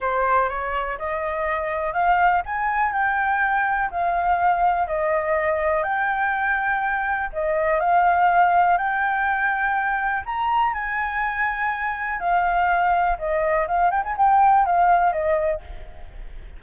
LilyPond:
\new Staff \with { instrumentName = "flute" } { \time 4/4 \tempo 4 = 123 c''4 cis''4 dis''2 | f''4 gis''4 g''2 | f''2 dis''2 | g''2. dis''4 |
f''2 g''2~ | g''4 ais''4 gis''2~ | gis''4 f''2 dis''4 | f''8 g''16 gis''16 g''4 f''4 dis''4 | }